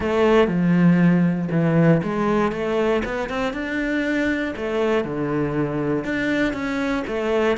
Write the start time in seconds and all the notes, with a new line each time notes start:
0.00 A3
0.47 F3
1.51 E3
2.03 G#3
2.52 A3
3.04 B3
3.29 C4
3.53 D4
4.56 A3
5.04 D3
6.04 D4
6.53 C#4
7.07 A3